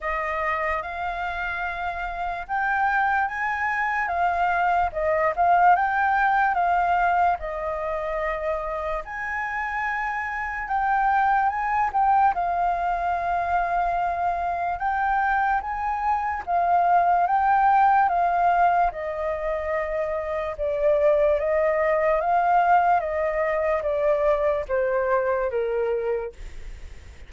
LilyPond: \new Staff \with { instrumentName = "flute" } { \time 4/4 \tempo 4 = 73 dis''4 f''2 g''4 | gis''4 f''4 dis''8 f''8 g''4 | f''4 dis''2 gis''4~ | gis''4 g''4 gis''8 g''8 f''4~ |
f''2 g''4 gis''4 | f''4 g''4 f''4 dis''4~ | dis''4 d''4 dis''4 f''4 | dis''4 d''4 c''4 ais'4 | }